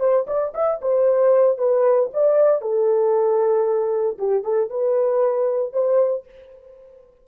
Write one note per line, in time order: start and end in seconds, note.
0.00 0.26 C5
0.27 0.53 D5
0.55 0.81 E5
0.82 1.58 C5
1.58 2.10 B4
2.14 2.62 D5
2.62 4.18 A4
4.19 4.44 G4
4.44 4.70 A4
4.70 5.73 B4
5.73 6.25 C5